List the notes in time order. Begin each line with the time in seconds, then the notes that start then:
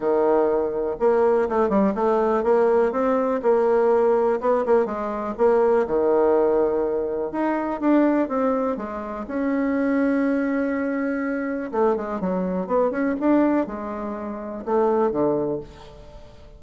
0.00 D#3
0.99 A#3
1.48 A3
1.69 G3
1.94 A3
2.43 A#3
2.92 C4
3.42 A#3
4.40 B3
4.65 A#3
4.85 G#3
5.37 A#3
5.87 D#3
7.31 D#4
7.80 D4
8.28 C4
8.76 G#3
9.27 C#4
11.71 A3
11.95 G#3
12.20 F#3
12.66 B3
12.90 C#4
13.20 D4
13.66 G#3
14.65 A3
15.11 D3